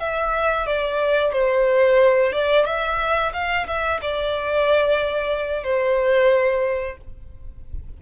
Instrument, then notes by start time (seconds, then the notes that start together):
violin
0.00 E5
0.67 D5
1.33 C5
2.33 D5
2.66 E5
3.34 F5
3.67 E5
4.02 D5
5.64 C5